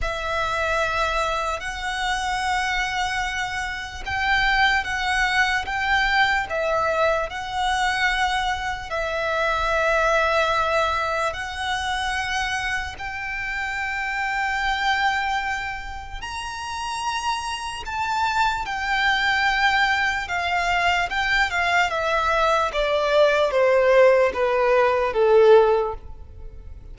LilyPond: \new Staff \with { instrumentName = "violin" } { \time 4/4 \tempo 4 = 74 e''2 fis''2~ | fis''4 g''4 fis''4 g''4 | e''4 fis''2 e''4~ | e''2 fis''2 |
g''1 | ais''2 a''4 g''4~ | g''4 f''4 g''8 f''8 e''4 | d''4 c''4 b'4 a'4 | }